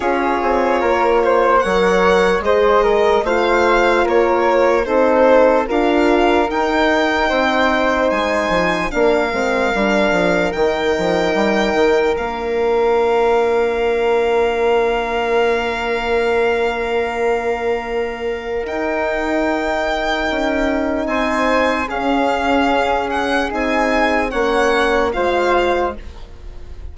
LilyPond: <<
  \new Staff \with { instrumentName = "violin" } { \time 4/4 \tempo 4 = 74 cis''2 fis''4 dis''4 | f''4 cis''4 c''4 f''4 | g''2 gis''4 f''4~ | f''4 g''2 f''4~ |
f''1~ | f''2. g''4~ | g''2 gis''4 f''4~ | f''8 fis''8 gis''4 fis''4 f''4 | }
  \new Staff \with { instrumentName = "flute" } { \time 4/4 gis'4 ais'8 c''8 cis''4 c''8 ais'8 | c''4 ais'4 a'4 ais'4~ | ais'4 c''2 ais'4~ | ais'1~ |
ais'1~ | ais'1~ | ais'2 c''4 gis'4~ | gis'2 cis''4 c''4 | }
  \new Staff \with { instrumentName = "horn" } { \time 4/4 f'2 ais'4 gis'4 | f'2 dis'4 f'4 | dis'2. d'8 c'8 | d'4 dis'2 d'4~ |
d'1~ | d'2. dis'4~ | dis'2. cis'4~ | cis'4 dis'4 cis'4 f'4 | }
  \new Staff \with { instrumentName = "bassoon" } { \time 4/4 cis'8 c'8 ais4 fis4 gis4 | a4 ais4 c'4 d'4 | dis'4 c'4 gis8 f8 ais8 gis8 | g8 f8 dis8 f8 g8 dis8 ais4~ |
ais1~ | ais2. dis'4~ | dis'4 cis'4 c'4 cis'4~ | cis'4 c'4 ais4 gis4 | }
>>